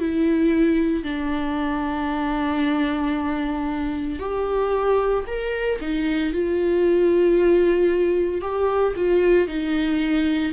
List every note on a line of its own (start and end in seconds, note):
0.00 1.04 E4
1.04 4.20 D4
4.20 5.25 G4
5.27 5.79 A#4
5.81 6.33 D#4
6.33 8.42 F4
8.42 8.94 G4
8.96 9.48 F4
9.48 10.53 D#4